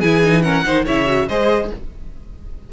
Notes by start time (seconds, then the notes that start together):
0.00 E3 E4 G#4 G#5
0.23 D#4
0.42 C#4 A#4 F#5
0.65 D#3 D#4 C5
0.85 C#3 E4 C#5 E5
1.06 F#4
1.28 G#3 G#4 C5 D#5